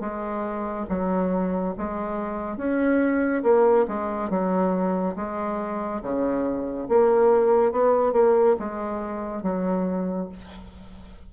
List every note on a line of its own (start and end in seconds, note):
0.00 0.86 G#3
0.89 1.75 F#3
1.78 2.57 G#3
2.57 3.42 C#4
3.43 3.86 A#3
3.88 4.30 G#3
4.30 5.15 F#3
5.15 6.01 G#3
6.02 6.88 C#3
6.88 7.72 A#3
7.72 8.13 B3
8.13 8.56 A#3
8.59 9.42 G#3
9.42 10.28 F#3